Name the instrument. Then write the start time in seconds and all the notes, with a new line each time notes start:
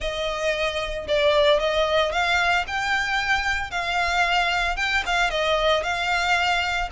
violin
0.00 D#5
1.07 D5
1.59 D#5
2.11 F5
2.67 G5
3.70 F5
4.76 G5
5.05 F5
5.30 D#5
5.83 F5